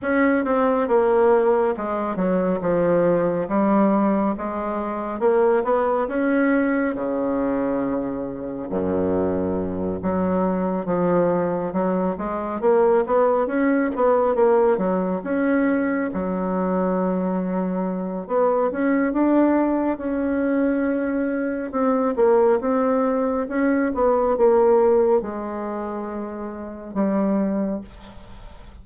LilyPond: \new Staff \with { instrumentName = "bassoon" } { \time 4/4 \tempo 4 = 69 cis'8 c'8 ais4 gis8 fis8 f4 | g4 gis4 ais8 b8 cis'4 | cis2 fis,4. fis8~ | fis8 f4 fis8 gis8 ais8 b8 cis'8 |
b8 ais8 fis8 cis'4 fis4.~ | fis4 b8 cis'8 d'4 cis'4~ | cis'4 c'8 ais8 c'4 cis'8 b8 | ais4 gis2 g4 | }